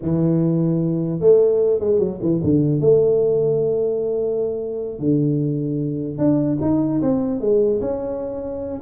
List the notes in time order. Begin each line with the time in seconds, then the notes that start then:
0.02 E3
1.20 A3
1.80 G#3
1.99 F#3
2.21 E3
2.43 D3
2.80 A3
4.99 D3
6.17 D4
6.61 D#4
7.01 C4
7.40 G#3
7.80 C#4